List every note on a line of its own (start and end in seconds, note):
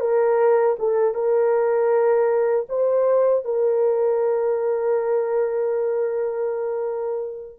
0.00 0.76 A#4
0.78 1.14 A4
1.14 2.66 A#4
2.69 3.44 C5
3.44 7.58 A#4